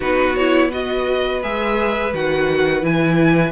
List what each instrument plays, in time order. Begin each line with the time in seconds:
0.00 cello B3, viola D#4, violin F#4 B4
0.36 viola E4, violin C#5
0.69 viola F#4, violin B4 D#5
1.42 cello G#3, viola G#4, violin E5
2.13 cello D#3, viola F#4, violin F#5
2.81 cello E3, viola E4, violin G#5